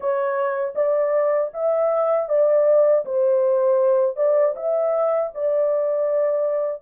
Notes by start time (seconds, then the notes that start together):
0.00 C#5
0.75 D5
1.53 E5
2.28 D5
3.05 C5
4.16 D5
4.56 E5
5.34 D5